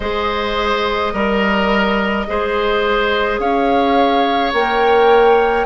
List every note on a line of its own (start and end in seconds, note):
0.00 1.13 G#3
0.00 1.14 G#4
0.00 1.13 C5
0.00 3.39 D#5
1.13 2.26 G3
1.13 2.26 A#4
1.13 2.27 A#4
2.27 3.39 G#3
2.27 4.53 G#4
2.27 3.40 C5
3.39 4.52 C#4
3.39 5.65 C#5
3.39 4.53 F5
4.52 5.65 A#3
4.52 5.65 A#4
4.52 5.65 G5